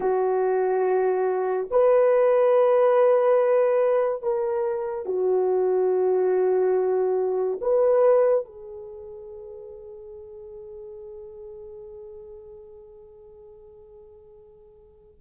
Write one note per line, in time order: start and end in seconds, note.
0.00 1.69 F#4
1.71 4.22 B4
4.22 5.05 A#4
5.05 7.59 F#4
7.61 8.45 B4
8.45 15.21 G#4